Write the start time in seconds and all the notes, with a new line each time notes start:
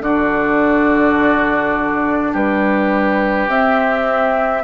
0.00 D3 D4 F#4 D5
2.32 G3 G4 B4
3.48 C4 E5